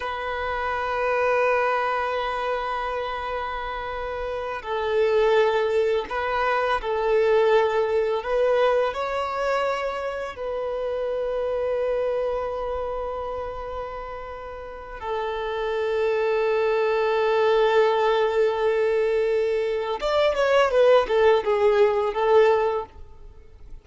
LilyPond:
\new Staff \with { instrumentName = "violin" } { \time 4/4 \tempo 4 = 84 b'1~ | b'2~ b'8 a'4.~ | a'8 b'4 a'2 b'8~ | b'8 cis''2 b'4.~ |
b'1~ | b'4 a'2.~ | a'1 | d''8 cis''8 b'8 a'8 gis'4 a'4 | }